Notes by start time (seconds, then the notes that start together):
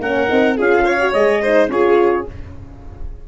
0.00 A#3 C#4 A#4 F#5
0.27 C4 D#4
0.57 C#4 F4 G#4 F5
0.85 C#5
1.00 F#4
1.14 G#3 G#4 D#5
1.42 D#4 C5
1.69 C#4 F4 G#4 C#5